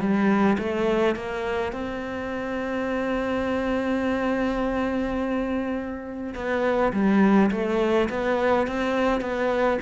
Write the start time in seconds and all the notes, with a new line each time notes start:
0.00 G3
0.59 A3
1.16 A#3
1.73 C4
6.35 B3
6.93 G3
7.52 A3
8.10 B3
8.67 C4
9.21 B3